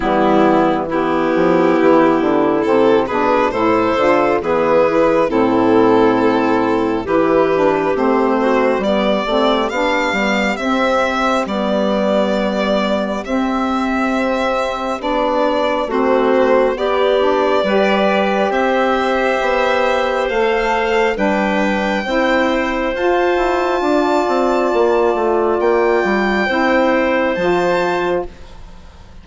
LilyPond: <<
  \new Staff \with { instrumentName = "violin" } { \time 4/4 \tempo 4 = 68 e'4 g'2 a'8 b'8 | c''4 b'4 a'2 | b'4 c''4 d''4 f''4 | e''4 d''2 e''4~ |
e''4 d''4 c''4 d''4~ | d''4 e''2 f''4 | g''2 a''2~ | a''4 g''2 a''4 | }
  \new Staff \with { instrumentName = "clarinet" } { \time 4/4 b4 e'2~ e'8 gis'8 | a'4 gis'4 e'2 | g'4. fis'8 g'2~ | g'1~ |
g'2 fis'4 g'4 | b'4 c''2. | b'4 c''2 d''4~ | d''2 c''2 | }
  \new Staff \with { instrumentName = "saxophone" } { \time 4/4 g4 b2 c'8 d'8 | e'8 f'8 b8 e'8 c'2 | e'8 d'8 c'4 b8 c'8 d'8 b8 | c'4 b2 c'4~ |
c'4 d'4 c'4 b8 d'8 | g'2. a'4 | d'4 e'4 f'2~ | f'2 e'4 f'4 | }
  \new Staff \with { instrumentName = "bassoon" } { \time 4/4 e4. f8 e8 d8 c8 b,8 | a,8 d8 e4 a,2 | e4 a4 g8 a8 b8 g8 | c'4 g2 c'4~ |
c'4 b4 a4 b4 | g4 c'4 b4 a4 | g4 c'4 f'8 e'8 d'8 c'8 | ais8 a8 ais8 g8 c'4 f4 | }
>>